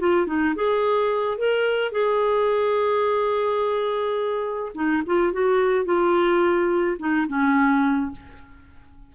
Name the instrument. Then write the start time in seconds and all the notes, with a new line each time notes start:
clarinet
0.00 F4
0.27 D#4
0.56 G#4
1.38 A#4
1.92 G#4
4.75 D#4
5.06 F4
5.33 F#4
5.85 F4
6.99 D#4
7.28 C#4